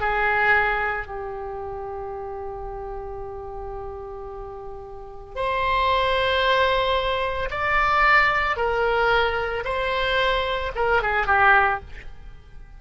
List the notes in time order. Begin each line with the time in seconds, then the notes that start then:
0.00 G#4
1.06 G4
5.35 C5
7.50 D5
8.56 A#4
9.64 C5
10.75 A#4
11.02 G#4
11.26 G4